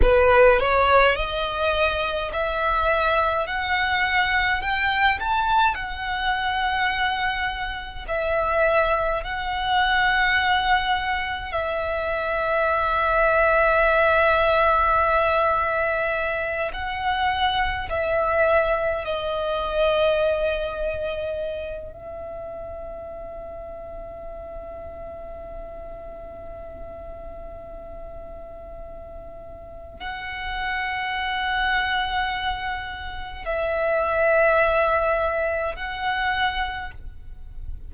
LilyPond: \new Staff \with { instrumentName = "violin" } { \time 4/4 \tempo 4 = 52 b'8 cis''8 dis''4 e''4 fis''4 | g''8 a''8 fis''2 e''4 | fis''2 e''2~ | e''2~ e''8 fis''4 e''8~ |
e''8 dis''2~ dis''8 e''4~ | e''1~ | e''2 fis''2~ | fis''4 e''2 fis''4 | }